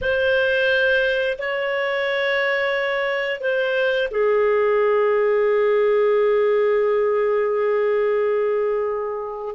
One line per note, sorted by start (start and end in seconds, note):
0.01 1.37 C5
1.38 3.40 C#5
3.40 4.08 C5
4.10 9.55 G#4